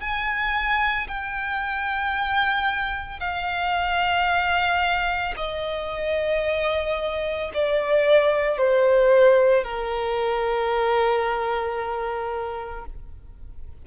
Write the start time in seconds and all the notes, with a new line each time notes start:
0.00 G#5
1.07 G5
3.19 F5
5.36 D#5
7.53 D5
8.57 C5
9.64 A#4